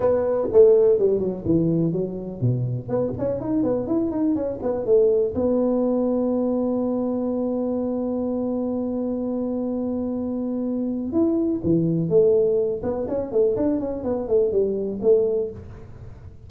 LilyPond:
\new Staff \with { instrumentName = "tuba" } { \time 4/4 \tempo 4 = 124 b4 a4 g8 fis8 e4 | fis4 b,4 b8 cis'8 dis'8 b8 | e'8 dis'8 cis'8 b8 a4 b4~ | b1~ |
b1~ | b2. e'4 | e4 a4. b8 cis'8 a8 | d'8 cis'8 b8 a8 g4 a4 | }